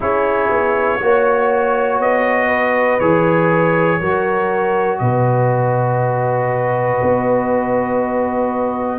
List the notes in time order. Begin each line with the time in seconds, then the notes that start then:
0.00 C#4 E4 G#4 C#5
0.49 B3
1.00 A#3 F#4 C#5
1.99 B3 D#5
2.47 B4
2.99 E3 G#4 C#5
4.00 F#3 F#4 A#4
4.98 B2 B4 D#5
7.02 B3